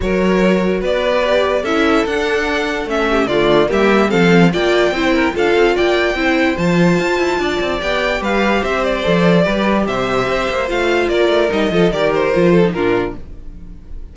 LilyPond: <<
  \new Staff \with { instrumentName = "violin" } { \time 4/4 \tempo 4 = 146 cis''2 d''2 | e''4 fis''2 e''4 | d''4 e''4 f''4 g''4~ | g''4 f''4 g''2 |
a''2. g''4 | f''4 e''8 d''2~ d''8 | e''2 f''4 d''4 | dis''4 d''8 c''4. ais'4 | }
  \new Staff \with { instrumentName = "violin" } { \time 4/4 ais'2 b'2 | a'2.~ a'8 g'8 | f'4 g'4 a'4 d''4 | c''8 ais'8 a'4 d''4 c''4~ |
c''2 d''2 | b'4 c''2 b'4 | c''2. ais'4~ | ais'8 a'8 ais'4. a'8 f'4 | }
  \new Staff \with { instrumentName = "viola" } { \time 4/4 fis'2. g'4 | e'4 d'2 cis'4 | a4 ais4 c'4 f'4 | e'4 f'2 e'4 |
f'2. g'4~ | g'2 a'4 g'4~ | g'2 f'2 | dis'8 f'8 g'4 f'8. dis'16 d'4 | }
  \new Staff \with { instrumentName = "cello" } { \time 4/4 fis2 b2 | cis'4 d'2 a4 | d4 g4 f4 ais4 | c'4 d'8 c'8 ais4 c'4 |
f4 f'8 e'8 d'8 c'8 b4 | g4 c'4 f4 g4 | c4 c'8 ais8 a4 ais8 a8 | g8 f8 dis4 f4 ais,4 | }
>>